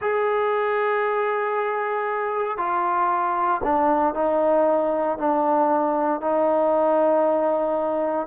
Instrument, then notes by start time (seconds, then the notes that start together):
trombone
0.01 G#4
2.57 F4
3.63 D4
4.14 D#4
5.18 D4
6.20 D#4